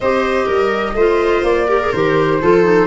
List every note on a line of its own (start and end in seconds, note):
0.00 0.47 C4
0.00 0.97 G4
0.00 0.46 C5
0.00 1.44 D#5
0.46 0.94 G3
0.46 0.94 A#4
0.94 1.42 A3
0.94 1.68 F4
0.94 1.67 C5
1.43 1.91 A#3
1.43 1.92 D5
1.67 1.80 G4
1.67 2.39 A#4
1.80 1.92 G#4
1.92 2.41 D#3
1.92 2.41 G4
1.92 2.87 C5
2.41 2.87 F3
2.41 2.63 F4
2.41 2.87 A4
2.63 2.87 D#4